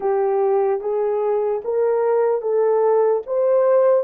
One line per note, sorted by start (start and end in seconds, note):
0.00 0.80 G4
0.80 1.61 G#4
1.64 2.41 A#4
2.41 3.22 A4
3.26 4.04 C5